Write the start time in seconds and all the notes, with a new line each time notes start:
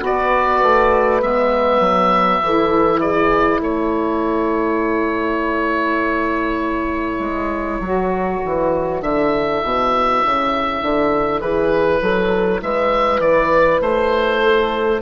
0.00 B3 F#4 B4 D5
0.62 A3
1.20 G#3 B3 E5
1.80 F#3
2.41 E3 E4 A4
3.00 G#4 D5
3.59 A3 A4 C#5
7.19 G#3
7.79 F#3 F#4
8.45 E3
9.01 D3 E4 E5
9.63 B2
10.24 C#3
10.82 D3
11.40 E3 G#4 B4
12.01 F#3 A4
12.62 G#3 B4 E5
13.19 E3 D5
13.80 A3 C5
14.42 A4